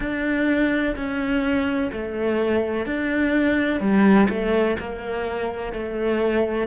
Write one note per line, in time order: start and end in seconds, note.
0.00 0.95 D4
0.96 1.91 C#4
1.92 2.86 A3
2.86 3.80 D4
3.80 4.28 G3
4.29 4.77 A3
4.79 5.72 A#3
5.72 6.67 A3